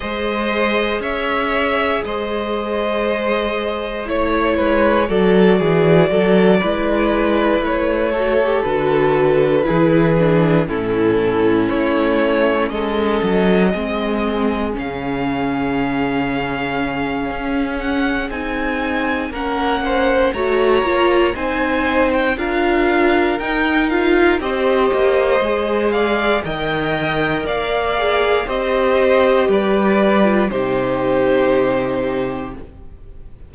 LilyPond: <<
  \new Staff \with { instrumentName = "violin" } { \time 4/4 \tempo 4 = 59 dis''4 e''4 dis''2 | cis''4 d''2~ d''8 cis''8~ | cis''8 b'2 a'4 cis''8~ | cis''8 dis''2 f''4.~ |
f''4. fis''8 gis''4 fis''4 | ais''4 gis''8. g''16 f''4 g''8 f''8 | dis''4. f''8 g''4 f''4 | dis''4 d''4 c''2 | }
  \new Staff \with { instrumentName = "violin" } { \time 4/4 c''4 cis''4 c''2 | cis''8 b'8 a'8 gis'8 a'8 b'4. | a'4. gis'4 e'4.~ | e'8 a'4 gis'2~ gis'8~ |
gis'2. ais'8 c''8 | cis''4 c''4 ais'2 | c''4. d''8 dis''4 d''4 | c''4 b'4 g'2 | }
  \new Staff \with { instrumentName = "viola" } { \time 4/4 gis'1 | e'4 fis'4. e'4. | fis'16 g'16 fis'4 e'8 d'8 cis'4.~ | cis'4. c'4 cis'4.~ |
cis'2 dis'4 cis'4 | fis'8 f'8 dis'4 f'4 dis'8 f'8 | g'4 gis'4 ais'4. gis'8 | g'4.~ g'16 f'16 dis'2 | }
  \new Staff \with { instrumentName = "cello" } { \time 4/4 gis4 cis'4 gis2 | a8 gis8 fis8 e8 fis8 gis4 a8~ | a8 d4 e4 a,4 a8~ | a8 gis8 fis8 gis4 cis4.~ |
cis4 cis'4 c'4 ais4 | a8 ais8 c'4 d'4 dis'4 | c'8 ais8 gis4 dis4 ais4 | c'4 g4 c2 | }
>>